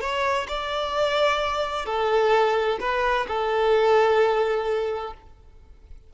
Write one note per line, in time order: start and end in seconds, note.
0.00 0.47 C#5
0.48 1.85 D5
1.85 2.78 A4
2.79 3.26 B4
3.27 5.13 A4